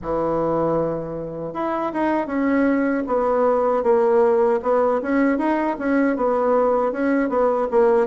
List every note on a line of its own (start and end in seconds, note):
0.02 1.53 E3
1.53 1.92 E4
1.93 2.27 D#4
2.27 3.03 C#4
3.07 3.83 B3
3.83 4.60 A#3
4.62 5.00 B3
5.02 5.37 C#4
5.37 5.76 D#4
5.78 6.16 C#4
6.16 6.92 B3
6.92 7.29 C#4
7.29 7.67 B3
7.70 8.06 A#3